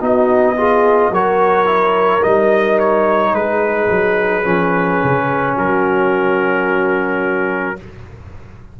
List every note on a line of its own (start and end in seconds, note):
0.00 1.11 B3
0.00 0.56 D#4
0.00 0.56 F#4
0.00 1.14 D#5
0.57 1.12 F4
0.57 1.13 G#4
1.11 2.22 F#3
1.11 1.66 F#4
1.11 3.34 A#4
1.11 2.23 C#5
1.66 2.21 E4
2.22 3.32 G3
2.22 4.44 D#4
2.22 2.79 D#5
2.79 3.35 C#5
3.32 3.88 G#3
3.32 5.54 G#4
3.32 5.57 B4
3.91 4.45 F#3
4.44 5.01 F3
4.44 7.77 C#4
5.04 5.58 C#3
5.54 7.80 F#3
5.54 7.77 F#4
5.54 7.80 A#4